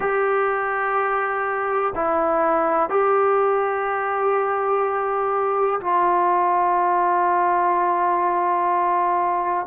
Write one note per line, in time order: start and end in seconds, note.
0.00 1.94 G4
1.95 2.89 E4
2.89 5.79 G4
5.80 9.66 F4